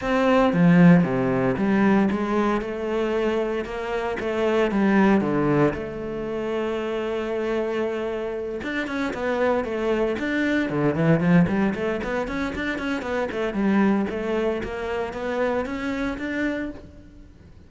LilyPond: \new Staff \with { instrumentName = "cello" } { \time 4/4 \tempo 4 = 115 c'4 f4 c4 g4 | gis4 a2 ais4 | a4 g4 d4 a4~ | a1~ |
a8 d'8 cis'8 b4 a4 d'8~ | d'8 d8 e8 f8 g8 a8 b8 cis'8 | d'8 cis'8 b8 a8 g4 a4 | ais4 b4 cis'4 d'4 | }